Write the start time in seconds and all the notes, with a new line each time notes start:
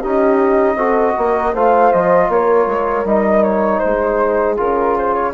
0.00 C#4 D#4 G4 D#5
0.75 C4 F#4 A4
1.17 A#3 A#4
1.53 A3 F4 C5 F5
1.92 F3 D#5
2.28 A#3 A#4 C#5
2.66 G#3
3.04 G3 D#4 D#5
3.43 C#5
3.79 G#3 G#4 C5
4.57 C#3 F4 A#4
4.98 C5
5.14 C#5